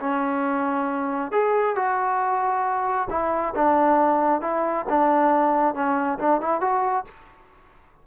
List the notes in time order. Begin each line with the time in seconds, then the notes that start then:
0.00 C#4
1.32 G#4
1.76 F#4
3.10 E4
3.55 D4
4.42 E4
4.89 D4
5.75 C#4
6.19 D4
6.41 E4
6.61 F#4